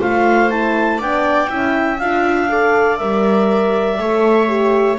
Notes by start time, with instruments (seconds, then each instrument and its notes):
0.00 double bass A3, horn F4, viola C5, clarinet F5
0.50 horn E4, clarinet A5
0.99 double bass B3, horn D4, viola D5, clarinet G5
1.49 double bass C#4, horn E4, viola E5
1.99 double bass D4, horn F4, clarinet F5
2.50 horn A4, viola D5
2.98 double bass G3, horn A#4, clarinet E5
3.99 double bass A3, horn A4, viola C#5
4.48 horn G4